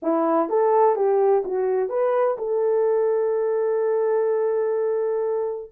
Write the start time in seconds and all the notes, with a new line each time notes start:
0.02 E4
0.49 A4
0.95 G4
1.44 F#4
1.89 B4
2.38 A4